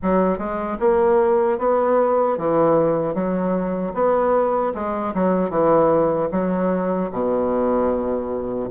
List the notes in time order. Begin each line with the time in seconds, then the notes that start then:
0.02 F#3
0.38 G#3
0.79 A#3
1.58 B3
2.37 E3
3.14 F#3
3.93 B3
4.74 G#3
5.14 F#3
5.49 E3
6.31 F#3
7.11 B2